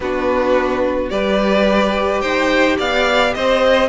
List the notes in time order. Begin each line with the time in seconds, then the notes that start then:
0.00 B3 D4 F#4 B4
1.09 G3 G4 B4 D5
2.20 D#4 C5 G5
2.78 B3 D5 F5
3.33 C4 C5 D#5